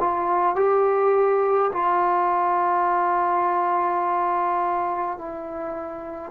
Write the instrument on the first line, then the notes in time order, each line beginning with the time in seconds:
trombone
0.00 F4
0.56 G4
1.73 F4
5.19 E4